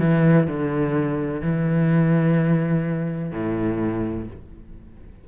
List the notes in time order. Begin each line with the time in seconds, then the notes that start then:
0.00 E3
0.48 D3
1.42 E3
3.32 A2